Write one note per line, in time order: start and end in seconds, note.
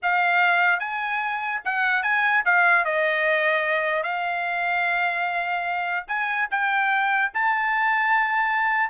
0.02 0.79 F5
0.79 1.60 G#5
1.64 2.03 F#5
2.03 2.43 G#5
2.45 2.84 F5
2.84 4.03 D#5
4.03 6.05 F5
6.07 6.48 G#5
6.50 7.31 G5
7.34 8.90 A5